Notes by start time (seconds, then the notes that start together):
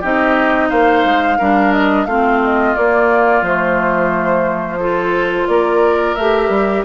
0.00 C4 D#4 G4 D#5
0.69 A#3 C5 F5
1.04 G#3
1.38 G3 D4 A#4
1.72 D#5
2.05 A3 C4 F4 F5
2.44 D#5
2.75 A#3 D5
3.42 F3 A3 C5
4.79 F4 A4
5.47 A#3 A#4 D5
6.15 A3 G4 E5
6.49 G3